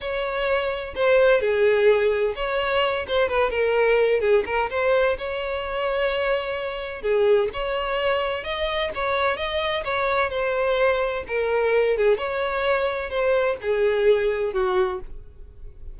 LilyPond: \new Staff \with { instrumentName = "violin" } { \time 4/4 \tempo 4 = 128 cis''2 c''4 gis'4~ | gis'4 cis''4. c''8 b'8 ais'8~ | ais'4 gis'8 ais'8 c''4 cis''4~ | cis''2. gis'4 |
cis''2 dis''4 cis''4 | dis''4 cis''4 c''2 | ais'4. gis'8 cis''2 | c''4 gis'2 fis'4 | }